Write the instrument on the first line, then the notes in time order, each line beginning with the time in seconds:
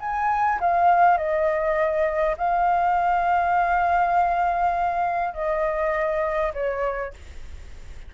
flute
0.00 G#5
0.60 F5
1.18 D#5
2.37 F5
5.34 D#5
6.54 C#5